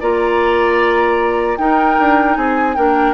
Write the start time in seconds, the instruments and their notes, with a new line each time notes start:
0.00 bassoon A#3, clarinet F4, oboe D5, flute A#5
1.57 bassoon D#4, clarinet D#4, oboe A#4, flute G5
1.99 bassoon D4
2.35 bassoon C4, oboe G#4, flute G#5
2.75 bassoon A#3, clarinet D4, oboe A#4, flute G5